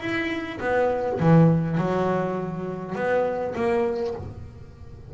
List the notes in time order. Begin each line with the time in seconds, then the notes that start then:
0.00 E4
0.60 B3
1.20 E3
1.78 F#3
2.95 B3
3.55 A#3